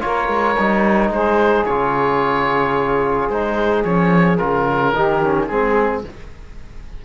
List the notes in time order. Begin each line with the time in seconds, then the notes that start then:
0.00 A#3 F4 A#4 C#5
0.28 G#3
0.58 G3 D#4
1.09 G#3 G#4 C5
1.65 C#3 F4 C#5
3.29 G#3 D#4 C5
3.83 F3 C#4 C#5
4.37 C#3 F4 A#4
4.93 D#3 D#4 G4
5.23 C#4
5.47 G#3 C4 G#4